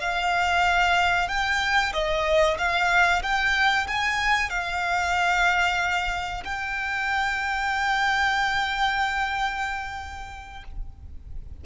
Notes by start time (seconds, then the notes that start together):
0.00 F5
1.28 G5
1.93 D#5
2.58 F5
3.23 G5
3.87 G#5
4.50 F5
6.45 G5